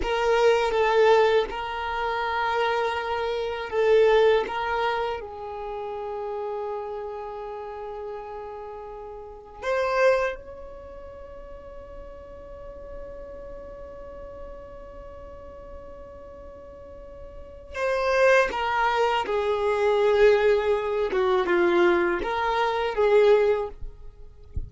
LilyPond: \new Staff \with { instrumentName = "violin" } { \time 4/4 \tempo 4 = 81 ais'4 a'4 ais'2~ | ais'4 a'4 ais'4 gis'4~ | gis'1~ | gis'4 c''4 cis''2~ |
cis''1~ | cis''1 | c''4 ais'4 gis'2~ | gis'8 fis'8 f'4 ais'4 gis'4 | }